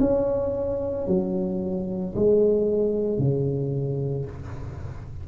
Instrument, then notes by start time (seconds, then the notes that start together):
tuba
0.00 C#4
1.07 F#3
2.15 G#3
3.18 C#3